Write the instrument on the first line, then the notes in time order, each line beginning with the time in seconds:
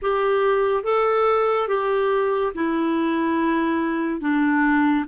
clarinet
0.02 G4
0.83 A4
1.68 G4
2.54 E4
4.20 D4